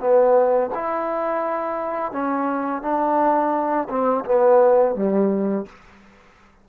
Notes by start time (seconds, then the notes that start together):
0.00 B3
0.74 E4
2.12 C#4
2.82 D4
3.89 C4
4.25 B3
4.95 G3